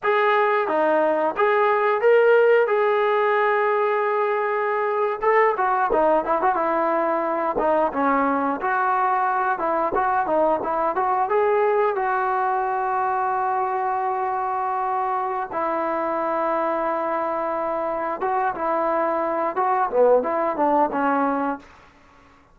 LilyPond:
\new Staff \with { instrumentName = "trombone" } { \time 4/4 \tempo 4 = 89 gis'4 dis'4 gis'4 ais'4 | gis'2.~ gis'8. a'16~ | a'16 fis'8 dis'8 e'16 fis'16 e'4. dis'8 cis'16~ | cis'8. fis'4. e'8 fis'8 dis'8 e'16~ |
e'16 fis'8 gis'4 fis'2~ fis'16~ | fis'2. e'4~ | e'2. fis'8 e'8~ | e'4 fis'8 b8 e'8 d'8 cis'4 | }